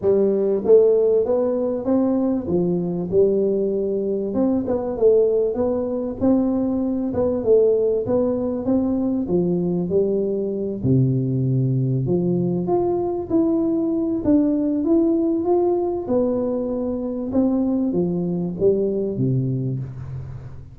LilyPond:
\new Staff \with { instrumentName = "tuba" } { \time 4/4 \tempo 4 = 97 g4 a4 b4 c'4 | f4 g2 c'8 b8 | a4 b4 c'4. b8 | a4 b4 c'4 f4 |
g4. c2 f8~ | f8 f'4 e'4. d'4 | e'4 f'4 b2 | c'4 f4 g4 c4 | }